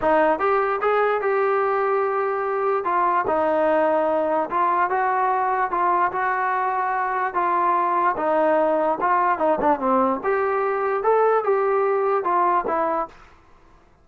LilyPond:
\new Staff \with { instrumentName = "trombone" } { \time 4/4 \tempo 4 = 147 dis'4 g'4 gis'4 g'4~ | g'2. f'4 | dis'2. f'4 | fis'2 f'4 fis'4~ |
fis'2 f'2 | dis'2 f'4 dis'8 d'8 | c'4 g'2 a'4 | g'2 f'4 e'4 | }